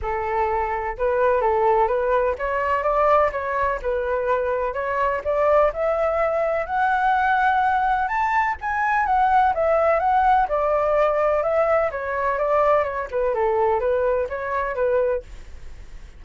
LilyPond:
\new Staff \with { instrumentName = "flute" } { \time 4/4 \tempo 4 = 126 a'2 b'4 a'4 | b'4 cis''4 d''4 cis''4 | b'2 cis''4 d''4 | e''2 fis''2~ |
fis''4 a''4 gis''4 fis''4 | e''4 fis''4 d''2 | e''4 cis''4 d''4 cis''8 b'8 | a'4 b'4 cis''4 b'4 | }